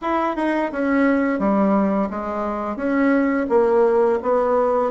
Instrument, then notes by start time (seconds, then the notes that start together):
bassoon
0.01 E4
0.36 D#4
0.72 C#4
1.39 G3
2.09 G#3
2.76 C#4
3.49 A#3
4.22 B3